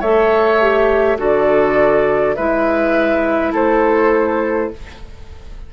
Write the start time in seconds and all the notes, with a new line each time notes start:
0.00 A3 A4 C#5 E5
0.61 G4
1.17 D3 F#4 A4 D5
2.35 G#3 E4 B4 E5
3.52 A3 A4 C5